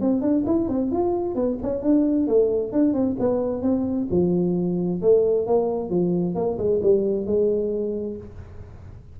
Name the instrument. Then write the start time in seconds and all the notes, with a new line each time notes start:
tuba
0.00 C4
0.21 D4
0.46 E4
0.68 C4
0.91 F4
1.35 B3
1.62 C#4
1.82 D4
2.27 A3
2.72 D4
2.93 C4
3.19 B3
3.62 C4
4.10 F3
5.01 A3
5.46 A#3
5.89 F3
6.35 A#3
6.58 G#3
6.82 G3
7.26 G#3